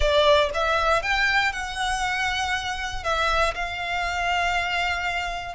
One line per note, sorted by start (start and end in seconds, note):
0.00 0.50 D5
0.53 1.02 E5
1.02 1.52 G5
1.52 3.03 F#5
3.03 3.54 E5
3.54 5.55 F5